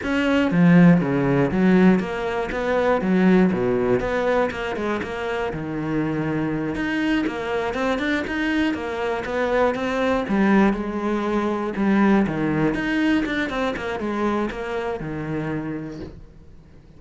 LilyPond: \new Staff \with { instrumentName = "cello" } { \time 4/4 \tempo 4 = 120 cis'4 f4 cis4 fis4 | ais4 b4 fis4 b,4 | b4 ais8 gis8 ais4 dis4~ | dis4. dis'4 ais4 c'8 |
d'8 dis'4 ais4 b4 c'8~ | c'8 g4 gis2 g8~ | g8 dis4 dis'4 d'8 c'8 ais8 | gis4 ais4 dis2 | }